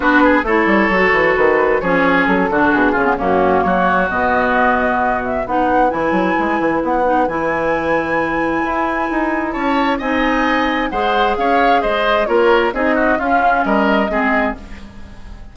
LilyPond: <<
  \new Staff \with { instrumentName = "flute" } { \time 4/4 \tempo 4 = 132 b'4 cis''2 b'4 | cis''4 a'4 gis'4 fis'4 | cis''4 dis''2~ dis''8 e''8 | fis''4 gis''2 fis''4 |
gis''1~ | gis''4 a''4 gis''2 | fis''4 f''4 dis''4 cis''4 | dis''4 f''4 dis''2 | }
  \new Staff \with { instrumentName = "oboe" } { \time 4/4 fis'8 gis'8 a'2. | gis'4. fis'4 f'8 cis'4 | fis'1 | b'1~ |
b'1~ | b'4 cis''4 dis''2 | c''4 cis''4 c''4 ais'4 | gis'8 fis'8 f'4 ais'4 gis'4 | }
  \new Staff \with { instrumentName = "clarinet" } { \time 4/4 d'4 e'4 fis'2 | cis'4. d'4 cis'16 b16 ais4~ | ais4 b2. | dis'4 e'2~ e'8 dis'8 |
e'1~ | e'2 dis'2 | gis'2. f'4 | dis'4 cis'2 c'4 | }
  \new Staff \with { instrumentName = "bassoon" } { \time 4/4 b4 a8 g8 fis8 e8 dis4 | f4 fis8 d8 b,8 cis8 fis,4 | fis4 b,2. | b4 e8 fis8 gis8 e8 b4 |
e2. e'4 | dis'4 cis'4 c'2 | gis4 cis'4 gis4 ais4 | c'4 cis'4 g4 gis4 | }
>>